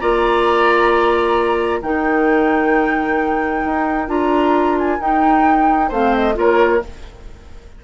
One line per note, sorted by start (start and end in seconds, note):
0.00 1.82 A#3
0.00 1.82 F4
0.00 1.81 D5
0.00 1.82 A#5
1.81 3.63 D#3
1.81 4.08 D#4
1.81 5.89 A#4
1.81 4.09 G5
3.65 4.08 D#4
4.08 4.99 D4
4.08 4.99 F4
4.08 4.77 A#5
4.78 5.01 G#5
5.00 5.91 D#4
5.00 5.92 G5
5.89 6.36 A3
5.89 6.34 C4
5.89 6.34 C5
5.89 6.15 F5
6.15 6.37 D#5
6.34 6.82 A#3
6.34 6.79 F4
6.34 6.84 A#4
6.34 6.84 C#5